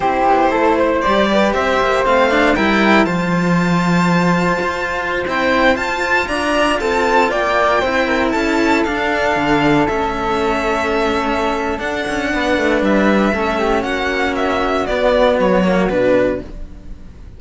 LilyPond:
<<
  \new Staff \with { instrumentName = "violin" } { \time 4/4 \tempo 4 = 117 c''2 d''4 e''4 | f''4 g''4 a''2~ | a''2~ a''16 g''4 a''8.~ | a''16 ais''4 a''4 g''4.~ g''16~ |
g''16 a''4 f''2 e''8.~ | e''2. fis''4~ | fis''4 e''2 fis''4 | e''4 d''4 cis''4 b'4 | }
  \new Staff \with { instrumentName = "flute" } { \time 4/4 g'4 a'8 c''4 b'8 c''4~ | c''4 ais'4 c''2~ | c''1~ | c''16 d''4 a'4 d''4 c''8 ais'16~ |
ais'16 a'2.~ a'8.~ | a'1 | b'2 a'8 g'8 fis'4~ | fis'1 | }
  \new Staff \with { instrumentName = "cello" } { \time 4/4 e'2 g'2 | c'8 d'8 e'4 f'2~ | f'2~ f'16 c'4 f'8.~ | f'2.~ f'16 e'8.~ |
e'4~ e'16 d'2 cis'8.~ | cis'2. d'4~ | d'2 cis'2~ | cis'4 b4. ais8 d'4 | }
  \new Staff \with { instrumentName = "cello" } { \time 4/4 c'8 b8 a4 g4 c'8 ais8 | a4 g4 f2~ | f4 f'4~ f'16 e'4 f'8.~ | f'16 d'4 c'4 ais4 c'8.~ |
c'16 cis'4 d'4 d4 a8.~ | a2. d'8 cis'8 | b8 a8 g4 a4 ais4~ | ais4 b4 fis4 b,4 | }
>>